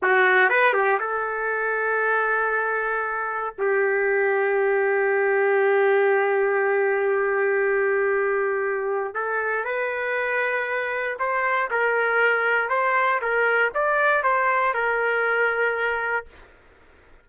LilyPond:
\new Staff \with { instrumentName = "trumpet" } { \time 4/4 \tempo 4 = 118 fis'4 b'8 g'8 a'2~ | a'2. g'4~ | g'1~ | g'1~ |
g'2 a'4 b'4~ | b'2 c''4 ais'4~ | ais'4 c''4 ais'4 d''4 | c''4 ais'2. | }